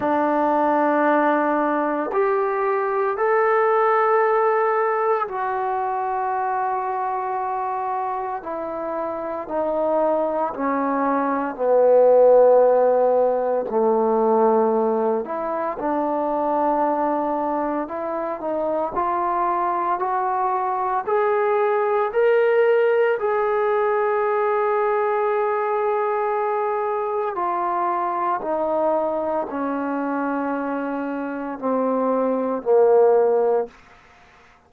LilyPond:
\new Staff \with { instrumentName = "trombone" } { \time 4/4 \tempo 4 = 57 d'2 g'4 a'4~ | a'4 fis'2. | e'4 dis'4 cis'4 b4~ | b4 a4. e'8 d'4~ |
d'4 e'8 dis'8 f'4 fis'4 | gis'4 ais'4 gis'2~ | gis'2 f'4 dis'4 | cis'2 c'4 ais4 | }